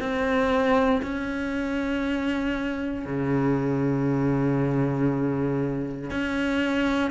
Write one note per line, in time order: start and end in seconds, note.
0.00 1.02 C4
1.02 3.06 C#4
3.06 6.11 C#3
6.11 7.10 C#4